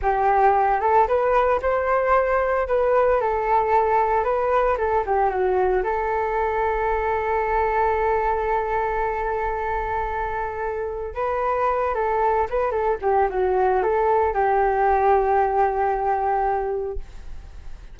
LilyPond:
\new Staff \with { instrumentName = "flute" } { \time 4/4 \tempo 4 = 113 g'4. a'8 b'4 c''4~ | c''4 b'4 a'2 | b'4 a'8 g'8 fis'4 a'4~ | a'1~ |
a'1~ | a'4 b'4. a'4 b'8 | a'8 g'8 fis'4 a'4 g'4~ | g'1 | }